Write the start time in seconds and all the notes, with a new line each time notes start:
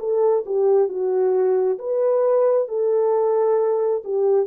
0.00 A4
0.46 G4
0.89 F#4
1.79 B4
2.69 A4
4.05 G4